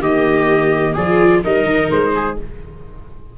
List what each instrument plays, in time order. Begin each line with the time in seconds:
0.00 tuba D#3, viola A#3 G4, trumpet D#5
0.94 tuba F3, viola F4 G#4, trumpet D5
1.43 tuba G3, viola D#4 A#4, trumpet D#5
1.64 tuba D#3
1.91 tuba G#3, trumpet C5
2.15 viola G#4